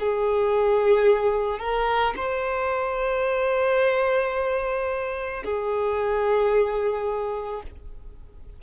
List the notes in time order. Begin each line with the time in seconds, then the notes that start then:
0.00 G#4
1.60 A#4
2.17 C5
5.44 G#4